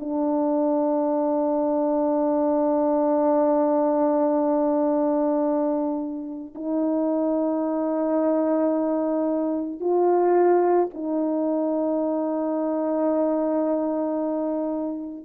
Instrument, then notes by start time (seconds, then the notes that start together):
horn
0.00 D4
6.55 D#4
9.80 F4
10.94 D#4